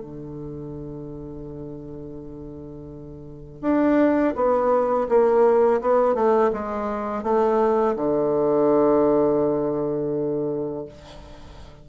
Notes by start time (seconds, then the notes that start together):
0.00 D3
3.61 D4
4.35 B3
5.08 A#3
5.81 B3
6.14 A3
6.52 G#3
7.23 A3
7.96 D3